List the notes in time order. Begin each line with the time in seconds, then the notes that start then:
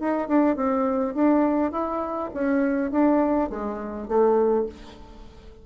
0.00 D#4
0.29 D4
0.56 C4
1.15 D4
1.72 E4
2.35 C#4
2.92 D4
3.50 G#3
4.08 A3